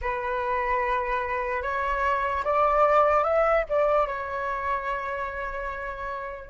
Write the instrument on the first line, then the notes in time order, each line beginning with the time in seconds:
flute
0.01 B4
1.62 C#5
2.44 D5
3.23 E5
3.69 D5
4.07 C#5